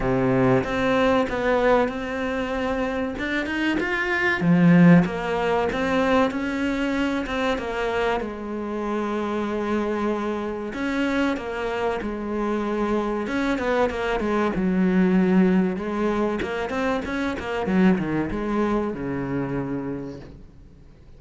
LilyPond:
\new Staff \with { instrumentName = "cello" } { \time 4/4 \tempo 4 = 95 c4 c'4 b4 c'4~ | c'4 d'8 dis'8 f'4 f4 | ais4 c'4 cis'4. c'8 | ais4 gis2.~ |
gis4 cis'4 ais4 gis4~ | gis4 cis'8 b8 ais8 gis8 fis4~ | fis4 gis4 ais8 c'8 cis'8 ais8 | fis8 dis8 gis4 cis2 | }